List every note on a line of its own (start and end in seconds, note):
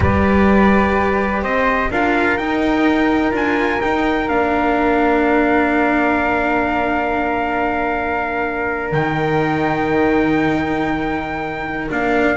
0.00 1.42 G3
0.00 1.90 G4
0.00 1.42 B4
0.00 1.43 D5
1.42 1.89 C4
1.42 1.90 C5
1.42 1.91 D#5
1.90 2.37 D4
1.90 2.38 F4
1.90 12.36 A#4
1.90 2.37 F5
2.37 3.32 D#4
2.37 3.31 D#4
2.37 3.32 G5
3.31 3.80 D4
3.31 3.78 F4
3.31 3.81 G#5
3.81 4.29 D#4
3.81 4.28 G5
4.28 8.91 A#3
4.28 8.93 D4
4.28 8.92 F5
8.91 11.89 D#3
8.91 11.90 D#4
8.91 11.90 G5
11.90 12.36 A#3
11.90 12.36 D4
11.90 12.36 F5